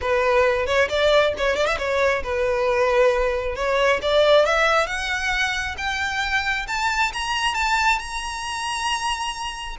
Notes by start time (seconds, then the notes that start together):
0.01 B4
0.66 C#5
0.89 D5
1.37 C#5
1.56 D5
1.66 E5
1.78 C#5
2.23 B4
3.55 C#5
4.02 D5
4.45 E5
4.86 F#5
5.77 G5
6.67 A5
7.13 A#5
7.54 A5
7.98 A#5